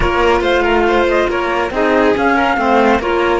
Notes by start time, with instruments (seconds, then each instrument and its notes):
0.00 cello A#3, clarinet F4, violin A#4, flute C#5
0.41 cello A3, violin C5, flute F5
0.62 violin A#4
0.87 violin C5
1.08 flute D#5
1.28 cello A#3, violin A#4, flute C#5
1.70 cello C4, clarinet D#4, violin G#4, flute D#5
2.15 clarinet C#4, cello C#4, flute F5
2.35 violin A#4
2.56 cello A3, clarinet C4, violin C5
2.99 cello A#3, clarinet F4, violin A#4, flute C#5